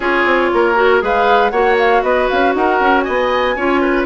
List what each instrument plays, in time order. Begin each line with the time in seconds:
0.00 bassoon C#4, clarinet F4, oboe G#4, flute C#5
0.25 bassoon C4
0.53 bassoon A#3, oboe A#4
0.75 clarinet F#4
1.01 bassoon G#3, clarinet G#4, oboe B4, flute F5
1.50 bassoon A#3, clarinet F#4, oboe C#5, flute F#5
1.78 flute F5
2.02 bassoon B3, oboe B4, flute D#5
2.29 bassoon C#4, flute F5
2.54 bassoon D#4, oboe A#4, flute F#5
2.80 bassoon C#4
3.00 oboe D#5, flute G#5
3.07 bassoon B3
3.55 bassoon C#4, clarinet F4, oboe C#5
3.81 oboe B4